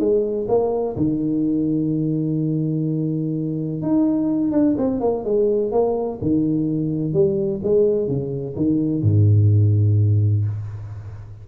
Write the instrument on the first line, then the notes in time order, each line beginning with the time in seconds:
tuba
0.00 G#3
0.49 A#3
0.97 D#3
3.82 D#4
4.52 D4
4.78 C4
5.01 A#3
5.25 G#3
5.72 A#3
6.22 D#3
7.14 G3
7.64 G#3
8.08 C#3
8.57 D#3
9.03 G#2